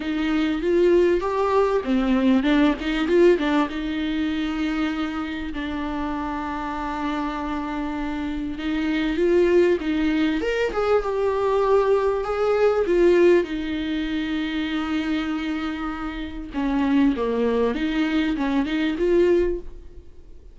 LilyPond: \new Staff \with { instrumentName = "viola" } { \time 4/4 \tempo 4 = 98 dis'4 f'4 g'4 c'4 | d'8 dis'8 f'8 d'8 dis'2~ | dis'4 d'2.~ | d'2 dis'4 f'4 |
dis'4 ais'8 gis'8 g'2 | gis'4 f'4 dis'2~ | dis'2. cis'4 | ais4 dis'4 cis'8 dis'8 f'4 | }